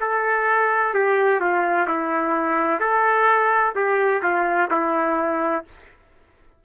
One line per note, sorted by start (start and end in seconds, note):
0.00 0.94 A4
0.94 1.40 G4
1.40 1.87 F4
1.87 2.80 E4
2.80 3.73 A4
3.75 4.21 G4
4.22 4.69 F4
4.70 5.64 E4